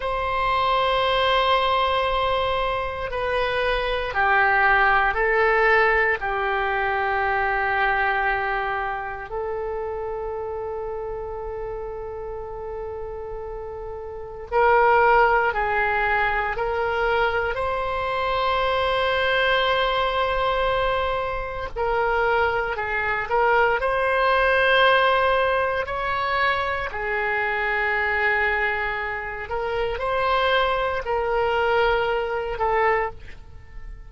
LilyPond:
\new Staff \with { instrumentName = "oboe" } { \time 4/4 \tempo 4 = 58 c''2. b'4 | g'4 a'4 g'2~ | g'4 a'2.~ | a'2 ais'4 gis'4 |
ais'4 c''2.~ | c''4 ais'4 gis'8 ais'8 c''4~ | c''4 cis''4 gis'2~ | gis'8 ais'8 c''4 ais'4. a'8 | }